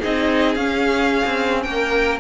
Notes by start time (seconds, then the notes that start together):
0.00 C4 D#4 G#4 D#5
0.55 C#4 F5
1.25 C4
1.63 A#3 A#4 G5